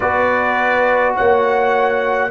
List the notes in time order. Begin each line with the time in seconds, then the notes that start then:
0.00 B3 F#4 B4 D5
1.15 A#3 C#5 F#5